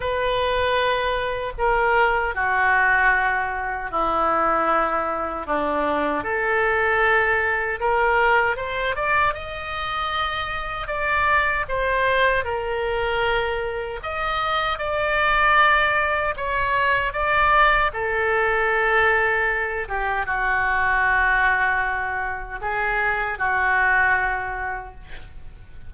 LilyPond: \new Staff \with { instrumentName = "oboe" } { \time 4/4 \tempo 4 = 77 b'2 ais'4 fis'4~ | fis'4 e'2 d'4 | a'2 ais'4 c''8 d''8 | dis''2 d''4 c''4 |
ais'2 dis''4 d''4~ | d''4 cis''4 d''4 a'4~ | a'4. g'8 fis'2~ | fis'4 gis'4 fis'2 | }